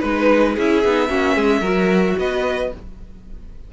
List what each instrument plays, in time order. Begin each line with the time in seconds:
0.00 cello G#3, viola D#4, violin B4
0.55 cello C#4, viola E4, violin G#4 E5
0.85 cello B3, viola D#4
1.09 cello A#3, viola C#4, violin F#4
1.35 cello G#3, violin G#4
1.61 cello F#3, viola F#4, violin A#4
2.18 cello B3, violin B4 D#5